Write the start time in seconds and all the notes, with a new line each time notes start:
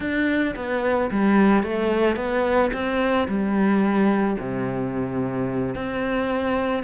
0.00 D4
0.55 B3
1.11 G3
1.63 A3
2.16 B3
2.73 C4
3.28 G3
4.39 C3
5.75 C4